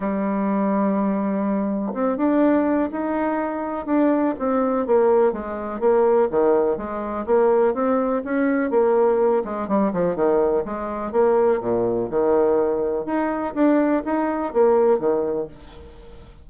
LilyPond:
\new Staff \with { instrumentName = "bassoon" } { \time 4/4 \tempo 4 = 124 g1 | c'8 d'4. dis'2 | d'4 c'4 ais4 gis4 | ais4 dis4 gis4 ais4 |
c'4 cis'4 ais4. gis8 | g8 f8 dis4 gis4 ais4 | ais,4 dis2 dis'4 | d'4 dis'4 ais4 dis4 | }